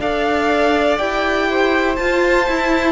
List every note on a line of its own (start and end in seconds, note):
0.00 0.98 D4
0.00 0.99 A4
0.00 1.49 D5
0.00 0.98 F5
0.98 1.98 E4
0.98 1.97 G4
0.98 1.96 G5
1.50 2.92 C5
1.96 2.47 F4
1.96 2.48 F4
1.96 2.92 A5
2.48 2.92 E4